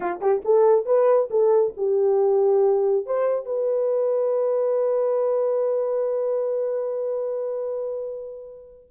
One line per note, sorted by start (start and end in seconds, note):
0.00 0.20 F4
0.20 0.42 G4
0.44 0.85 A4
0.85 1.29 B4
1.30 1.74 A4
1.76 3.06 G4
3.06 3.45 C5
3.45 8.89 B4